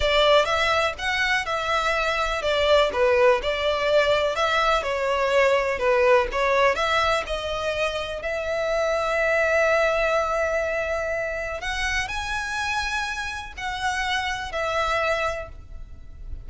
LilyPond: \new Staff \with { instrumentName = "violin" } { \time 4/4 \tempo 4 = 124 d''4 e''4 fis''4 e''4~ | e''4 d''4 b'4 d''4~ | d''4 e''4 cis''2 | b'4 cis''4 e''4 dis''4~ |
dis''4 e''2.~ | e''1 | fis''4 gis''2. | fis''2 e''2 | }